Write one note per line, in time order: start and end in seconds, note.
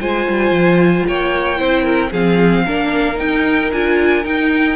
0.00 0.27 G#3
0.00 1.56 F4
0.00 1.07 C5
0.00 1.06 G#5
0.28 0.51 G3
0.51 1.04 F3
1.07 1.59 A#3
1.07 1.59 C#5
1.07 2.13 G5
1.56 2.12 C4
1.56 2.10 E4
1.56 1.83 C5
1.83 2.10 A#4
2.11 2.65 F3
2.11 2.67 C4
2.11 2.64 G#4
2.11 3.18 F5
2.65 3.20 A#3
2.65 3.14 D4
2.65 4.76 A#4
3.14 3.67 D#4
3.14 3.72 D#4
3.14 3.71 G5
3.72 4.25 D4
3.72 4.24 F4
3.72 4.25 G#5
4.24 4.76 D#4
4.24 4.76 G5